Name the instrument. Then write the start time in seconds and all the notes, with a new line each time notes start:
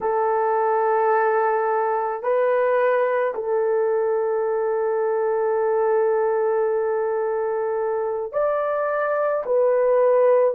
horn
0.01 A4
2.22 B4
3.34 A4
8.32 D5
9.45 B4